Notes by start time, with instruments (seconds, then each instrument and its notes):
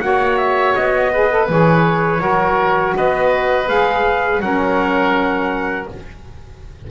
0.00 double bass A#3, saxophone F#4, oboe C#5, trumpet F#5
0.37 trumpet E5
0.75 double bass B3, trumpet D#5
1.12 saxophone G#4, oboe B4
1.30 saxophone A4
1.49 double bass E3, saxophone G#4, trumpet C#5
2.18 double bass F#3, saxophone F#4, oboe A#4
2.96 double bass B3, oboe B4, trumpet D#5
3.67 double bass G#3, saxophone G#4, trumpet F5
4.40 double bass F#3, saxophone C#4, oboe A#4, trumpet F#5